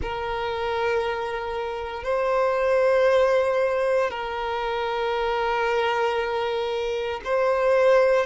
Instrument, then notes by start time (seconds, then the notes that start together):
violin
0.02 A#4
2.03 C5
4.10 A#4
7.24 C5